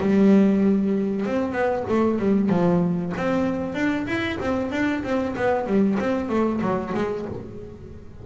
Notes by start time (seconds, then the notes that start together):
0.00 G3
1.26 C4
1.52 B3
1.89 A3
2.19 G3
2.49 F3
3.17 C4
3.75 D4
4.07 E4
4.40 C4
4.72 D4
5.04 C4
5.36 B3
5.67 G3
6.00 C4
6.29 A3
6.61 F#3
6.94 G#3